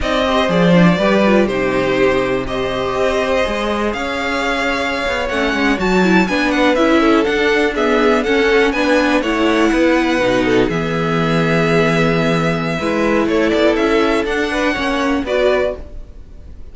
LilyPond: <<
  \new Staff \with { instrumentName = "violin" } { \time 4/4 \tempo 4 = 122 dis''4 d''2 c''4~ | c''4 dis''2. | f''2~ f''8. fis''4 a''16~ | a''8. gis''8 fis''8 e''4 fis''4 e''16~ |
e''8. fis''4 gis''4 fis''4~ fis''16~ | fis''4.~ fis''16 e''2~ e''16~ | e''2. cis''8 d''8 | e''4 fis''2 d''4 | }
  \new Staff \with { instrumentName = "violin" } { \time 4/4 d''8 c''4. b'4 g'4~ | g'4 c''2. | cis''1~ | cis''8. b'4. a'4. gis'16~ |
gis'8. a'4 b'4 cis''4 b'16~ | b'4~ b'16 a'8 gis'2~ gis'16~ | gis'2 b'4 a'4~ | a'4. b'8 cis''4 b'4 | }
  \new Staff \with { instrumentName = "viola" } { \time 4/4 dis'8 g'8 gis'8 d'8 g'8 f'8 dis'4~ | dis'4 g'2 gis'4~ | gis'2~ gis'8. cis'4 fis'16~ | fis'16 e'8 d'4 e'4 d'4 b16~ |
b8. cis'4 d'4 e'4~ e'16~ | e'8. dis'4 b2~ b16~ | b2 e'2~ | e'4 d'4 cis'4 fis'4 | }
  \new Staff \with { instrumentName = "cello" } { \time 4/4 c'4 f4 g4 c4~ | c2 c'4 gis4 | cis'2~ cis'16 b8 a8 gis8 fis16~ | fis8. b4 cis'4 d'4~ d'16~ |
d'8. cis'4 b4 a4 b16~ | b8. b,4 e2~ e16~ | e2 gis4 a8 b8 | cis'4 d'4 ais4 b4 | }
>>